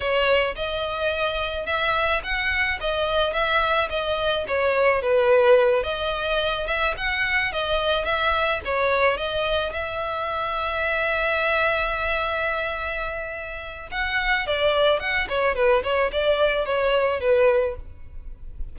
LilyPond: \new Staff \with { instrumentName = "violin" } { \time 4/4 \tempo 4 = 108 cis''4 dis''2 e''4 | fis''4 dis''4 e''4 dis''4 | cis''4 b'4. dis''4. | e''8 fis''4 dis''4 e''4 cis''8~ |
cis''8 dis''4 e''2~ e''8~ | e''1~ | e''4 fis''4 d''4 fis''8 cis''8 | b'8 cis''8 d''4 cis''4 b'4 | }